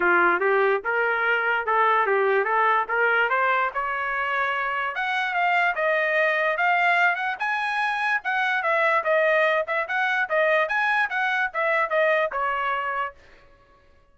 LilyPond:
\new Staff \with { instrumentName = "trumpet" } { \time 4/4 \tempo 4 = 146 f'4 g'4 ais'2 | a'4 g'4 a'4 ais'4 | c''4 cis''2. | fis''4 f''4 dis''2 |
f''4. fis''8 gis''2 | fis''4 e''4 dis''4. e''8 | fis''4 dis''4 gis''4 fis''4 | e''4 dis''4 cis''2 | }